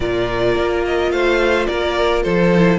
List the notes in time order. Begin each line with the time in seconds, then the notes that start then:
0.00 A#2 F4 A#4 D5
0.55 A#3
0.85 D#5
1.11 A3 C5 F5
1.66 A#3 A#4 D5
2.23 F3 A4 C5
2.55 E4